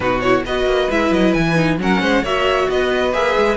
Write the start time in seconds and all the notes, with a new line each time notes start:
0.00 B2 D#4 F#4 B4
0.20 E4 C#5
0.45 B3 F#4 B4 D#5
0.65 A#3
0.90 G#3 E4 E5
1.11 F#3 D#5
1.33 E3 G#5
1.55 D#4
1.78 F#3 C#4 A#4 F#5
2.01 G#3 C5
2.22 A#3 F#4 C#5 E5
2.69 B3 B4 D#5
3.12 A#3 G#4 E5
3.37 G#3